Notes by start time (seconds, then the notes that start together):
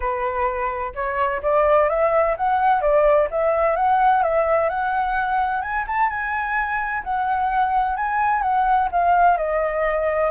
0.00 B4
0.94 C#5
1.42 D5
1.89 E5
2.37 F#5
2.81 D5
3.30 E5
3.76 F#5
4.23 E5
4.69 F#5
5.61 G#5
5.87 A5
6.09 G#5
7.03 F#5
7.96 G#5
8.41 F#5
8.91 F5
9.37 D#5